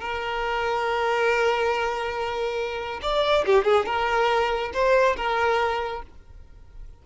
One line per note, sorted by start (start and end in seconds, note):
0.00 3.00 A#4
3.02 3.45 D5
3.46 3.64 G4
3.64 3.86 G#4
3.86 4.72 A#4
4.73 5.16 C5
5.16 6.02 A#4